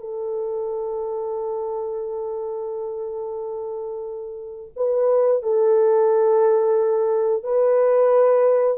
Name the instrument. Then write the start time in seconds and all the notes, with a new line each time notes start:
horn
0.00 A4
4.76 B4
5.42 A4
7.43 B4